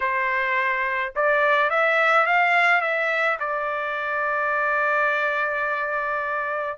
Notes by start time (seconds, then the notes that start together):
0.00 C5
1.15 D5
1.70 E5
2.26 F5
2.81 E5
3.39 D5